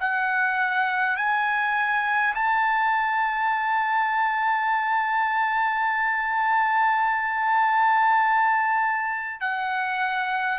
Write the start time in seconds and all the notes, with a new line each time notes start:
0.00 F#5
1.17 G#5
2.35 A5
9.41 F#5